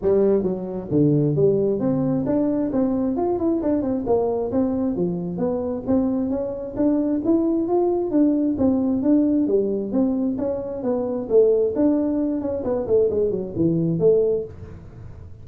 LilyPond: \new Staff \with { instrumentName = "tuba" } { \time 4/4 \tempo 4 = 133 g4 fis4 d4 g4 | c'4 d'4 c'4 f'8 e'8 | d'8 c'8 ais4 c'4 f4 | b4 c'4 cis'4 d'4 |
e'4 f'4 d'4 c'4 | d'4 g4 c'4 cis'4 | b4 a4 d'4. cis'8 | b8 a8 gis8 fis8 e4 a4 | }